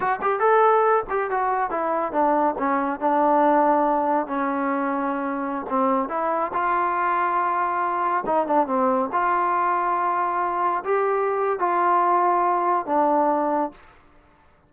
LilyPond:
\new Staff \with { instrumentName = "trombone" } { \time 4/4 \tempo 4 = 140 fis'8 g'8 a'4. g'8 fis'4 | e'4 d'4 cis'4 d'4~ | d'2 cis'2~ | cis'4~ cis'16 c'4 e'4 f'8.~ |
f'2.~ f'16 dis'8 d'16~ | d'16 c'4 f'2~ f'8.~ | f'4~ f'16 g'4.~ g'16 f'4~ | f'2 d'2 | }